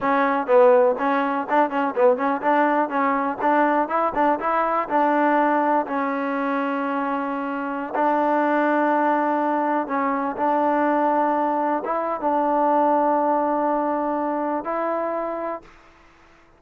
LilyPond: \new Staff \with { instrumentName = "trombone" } { \time 4/4 \tempo 4 = 123 cis'4 b4 cis'4 d'8 cis'8 | b8 cis'8 d'4 cis'4 d'4 | e'8 d'8 e'4 d'2 | cis'1~ |
cis'16 d'2.~ d'8.~ | d'16 cis'4 d'2~ d'8.~ | d'16 e'8. d'2.~ | d'2 e'2 | }